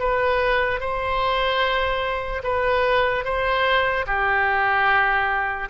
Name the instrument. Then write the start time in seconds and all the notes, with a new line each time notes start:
oboe
0.00 B4
0.80 C5
2.44 B4
3.25 C5
4.07 G4